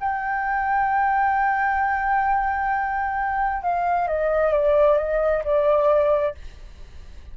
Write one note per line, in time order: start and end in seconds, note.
0.00 3.62 G5
3.62 4.08 F5
4.08 4.52 D#5
4.52 4.98 D5
4.98 5.43 D#5
5.44 6.35 D5